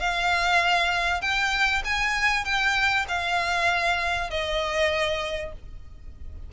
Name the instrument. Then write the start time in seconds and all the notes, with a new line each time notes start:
violin
0.00 F5
1.22 G5
1.85 G#5
2.45 G5
3.09 F5
4.31 D#5